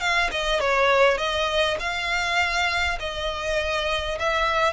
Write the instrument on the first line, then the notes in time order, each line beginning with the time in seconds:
violin
0.00 F5
0.31 D#5
0.60 C#5
1.17 D#5
1.79 F5
2.99 D#5
4.19 E5